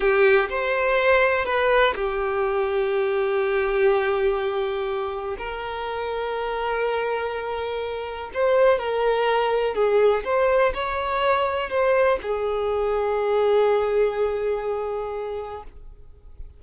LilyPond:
\new Staff \with { instrumentName = "violin" } { \time 4/4 \tempo 4 = 123 g'4 c''2 b'4 | g'1~ | g'2. ais'4~ | ais'1~ |
ais'4 c''4 ais'2 | gis'4 c''4 cis''2 | c''4 gis'2.~ | gis'1 | }